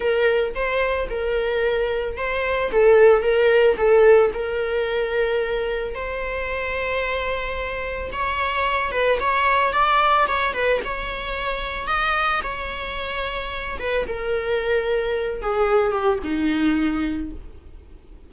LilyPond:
\new Staff \with { instrumentName = "viola" } { \time 4/4 \tempo 4 = 111 ais'4 c''4 ais'2 | c''4 a'4 ais'4 a'4 | ais'2. c''4~ | c''2. cis''4~ |
cis''8 b'8 cis''4 d''4 cis''8 b'8 | cis''2 dis''4 cis''4~ | cis''4. b'8 ais'2~ | ais'8 gis'4 g'8 dis'2 | }